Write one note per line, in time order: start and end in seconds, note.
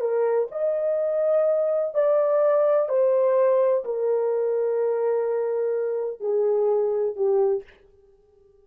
0.00 0.48 A#4
0.51 1.94 D#5
1.94 2.89 D5
2.89 3.84 C5
3.84 6.20 A#4
6.20 7.16 G#4
7.16 7.63 G4